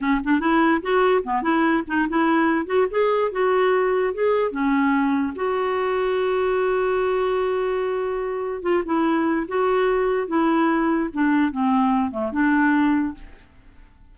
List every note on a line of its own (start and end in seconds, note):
0.00 0.21 C#4
0.24 0.40 D4
0.40 0.81 E4
0.81 1.23 F#4
1.23 1.42 B3
1.42 1.83 E4
1.87 2.08 D#4
2.08 2.66 E4
2.66 2.86 F#4
2.90 3.31 G#4
3.31 4.13 F#4
4.14 4.51 G#4
4.51 5.33 C#4
5.35 8.62 F#4
8.62 8.83 F4
8.85 9.46 E4
9.48 10.27 F#4
10.27 11.09 E4
11.13 11.51 D4
11.51 12.11 C4
12.11 12.31 A3
12.31 13.14 D4